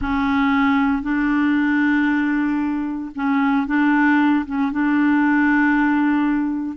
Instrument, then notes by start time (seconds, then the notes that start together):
clarinet
0.01 C#4
1.02 D4
3.15 C#4
3.66 D4
4.46 C#4
4.71 D4